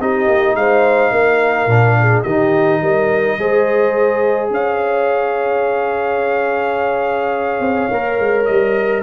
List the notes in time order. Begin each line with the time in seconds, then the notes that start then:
0.00 C4 D#4 G4 D#5
0.28 A#3
0.55 G#3 C5 F5
1.12 A#3 A#4
1.67 A#2 D4
2.00 G#4
2.23 D#3 D#4 G4 D#5
2.82 G3 A#4
3.39 G#3 G#4 C5
4.51 C#4 C#5 F5
7.61 C4
7.91 A#3 A#4
8.19 G#3
8.46 G3 D#5